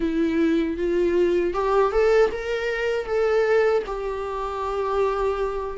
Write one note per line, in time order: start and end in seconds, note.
0.00 0.77 E4
0.77 1.53 F4
1.53 1.92 G4
1.92 2.30 A4
2.31 3.06 A#4
3.06 3.83 A4
3.86 5.77 G4